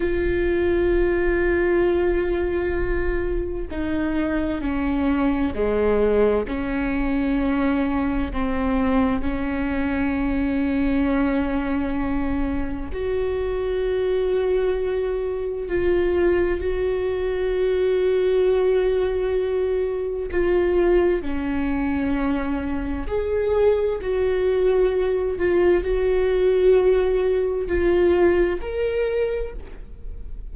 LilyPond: \new Staff \with { instrumentName = "viola" } { \time 4/4 \tempo 4 = 65 f'1 | dis'4 cis'4 gis4 cis'4~ | cis'4 c'4 cis'2~ | cis'2 fis'2~ |
fis'4 f'4 fis'2~ | fis'2 f'4 cis'4~ | cis'4 gis'4 fis'4. f'8 | fis'2 f'4 ais'4 | }